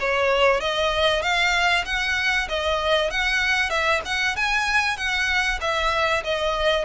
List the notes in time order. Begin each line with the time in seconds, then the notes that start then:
0.00 C#5
0.61 D#5
1.22 F5
1.85 F#5
2.49 D#5
3.11 F#5
3.70 E5
4.05 F#5
4.36 G#5
4.97 F#5
5.61 E5
6.24 D#5